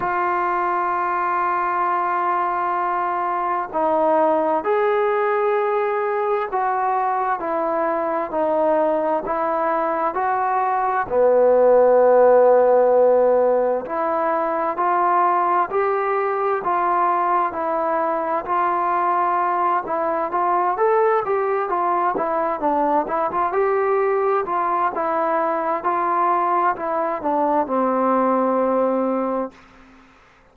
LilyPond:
\new Staff \with { instrumentName = "trombone" } { \time 4/4 \tempo 4 = 65 f'1 | dis'4 gis'2 fis'4 | e'4 dis'4 e'4 fis'4 | b2. e'4 |
f'4 g'4 f'4 e'4 | f'4. e'8 f'8 a'8 g'8 f'8 | e'8 d'8 e'16 f'16 g'4 f'8 e'4 | f'4 e'8 d'8 c'2 | }